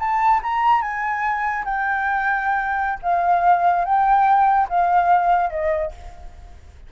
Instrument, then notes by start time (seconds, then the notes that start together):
flute
0.00 A5
0.43 A#5
0.82 G#5
1.65 G5
3.03 F5
3.85 G5
4.70 F5
5.51 D#5